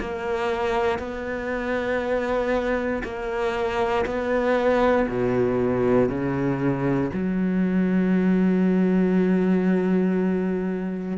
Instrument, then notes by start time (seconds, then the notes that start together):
cello
0.00 A#3
0.99 B3
3.04 A#3
4.06 B3
5.08 B2
6.09 C#3
7.13 F#3